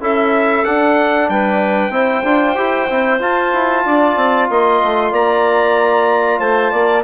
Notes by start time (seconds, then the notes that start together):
0.00 C#4 E4 A4 E5
0.64 D4 F#5
1.29 G3 B4 G5
1.89 C4 E4 C5
2.23 D4 F4
2.55 E4 G4
2.90 C4 E4
3.20 F4 A5
3.53 E4
3.85 D4 D5
4.16 C4
4.49 A#3 D#5 C6
4.83 A3
5.11 A#3 D5 A#5
6.39 A3 C5 A5
6.71 A#3 D5